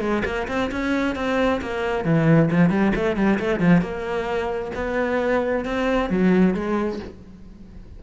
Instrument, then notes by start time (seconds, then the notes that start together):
cello
0.00 G#3
0.25 A#3
0.48 C4
0.72 C#4
1.15 C4
1.61 A#3
2.05 E3
2.51 F3
2.70 G3
2.95 A3
3.16 G3
3.39 A3
3.60 F3
3.81 A#3
4.75 B3
5.65 C4
6.10 F#3
6.54 G#3